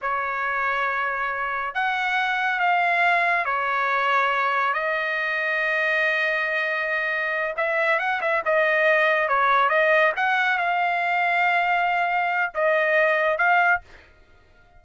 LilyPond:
\new Staff \with { instrumentName = "trumpet" } { \time 4/4 \tempo 4 = 139 cis''1 | fis''2 f''2 | cis''2. dis''4~ | dis''1~ |
dis''4. e''4 fis''8 e''8 dis''8~ | dis''4. cis''4 dis''4 fis''8~ | fis''8 f''2.~ f''8~ | f''4 dis''2 f''4 | }